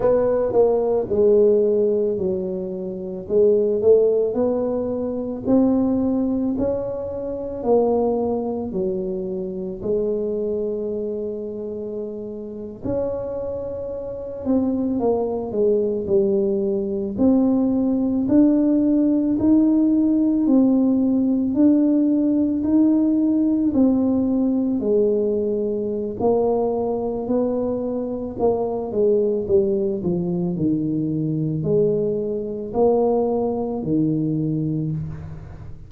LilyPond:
\new Staff \with { instrumentName = "tuba" } { \time 4/4 \tempo 4 = 55 b8 ais8 gis4 fis4 gis8 a8 | b4 c'4 cis'4 ais4 | fis4 gis2~ gis8. cis'16~ | cis'4~ cis'16 c'8 ais8 gis8 g4 c'16~ |
c'8. d'4 dis'4 c'4 d'16~ | d'8. dis'4 c'4 gis4~ gis16 | ais4 b4 ais8 gis8 g8 f8 | dis4 gis4 ais4 dis4 | }